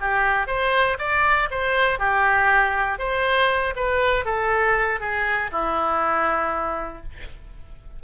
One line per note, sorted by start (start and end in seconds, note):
0.00 0.47 G4
0.47 0.97 C5
0.98 1.49 D5
1.51 1.99 C5
1.99 2.98 G4
2.98 3.74 C5
3.76 4.25 B4
4.25 5.00 A4
5.00 5.50 G#4
5.51 7.02 E4